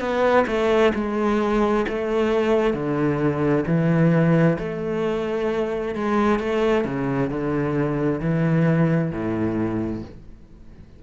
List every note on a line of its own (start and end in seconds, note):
0.00 0.45 B3
0.47 0.93 A3
0.95 1.86 G#3
1.88 2.74 A3
2.74 3.64 D3
3.67 4.57 E3
4.59 5.95 A3
5.95 6.39 G#3
6.39 6.84 A3
6.84 7.30 C#3
7.30 8.20 D3
8.20 9.11 E3
9.11 10.02 A2